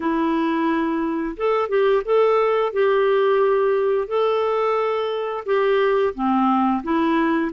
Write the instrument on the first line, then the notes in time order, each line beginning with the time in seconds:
clarinet
0.00 E4
1.36 A4
1.69 G4
2.05 A4
2.72 G4
4.07 A4
5.45 G4
6.14 C4
6.83 E4